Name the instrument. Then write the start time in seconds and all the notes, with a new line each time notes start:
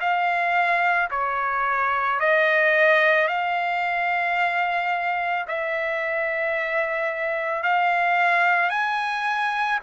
trumpet
0.00 F5
1.10 C#5
2.20 D#5
3.27 F5
5.47 E5
7.63 F5
8.70 G#5